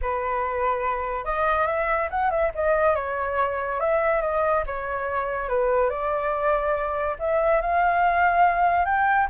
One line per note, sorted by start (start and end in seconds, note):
0.01 1.25 B4
1.25 1.66 D#5
1.66 2.09 E5
2.10 2.30 F#5
2.30 2.51 E5
2.54 2.95 D#5
2.95 3.79 C#5
3.80 4.21 E5
4.21 4.63 D#5
4.66 5.48 C#5
5.48 5.89 B4
5.89 7.16 D5
7.19 7.61 E5
7.61 8.85 F5
8.85 9.27 G5